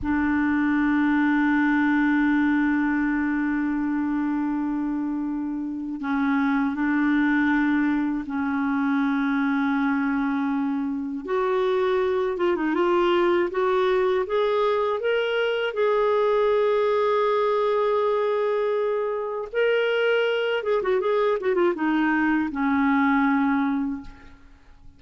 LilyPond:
\new Staff \with { instrumentName = "clarinet" } { \time 4/4 \tempo 4 = 80 d'1~ | d'1 | cis'4 d'2 cis'4~ | cis'2. fis'4~ |
fis'8 f'16 dis'16 f'4 fis'4 gis'4 | ais'4 gis'2.~ | gis'2 ais'4. gis'16 fis'16 | gis'8 fis'16 f'16 dis'4 cis'2 | }